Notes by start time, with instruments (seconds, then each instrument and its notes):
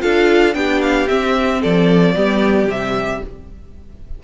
0.00 cello D4, viola F4, violin A4 F5
0.54 cello B3, viola D4, violin G4 G5
0.82 violin F5
1.08 viola C4, cello C4, violin E5
1.61 cello F3, violin A4 D5
2.15 cello G3, viola B3, violin G4
2.67 cello C3, viola G3, violin E5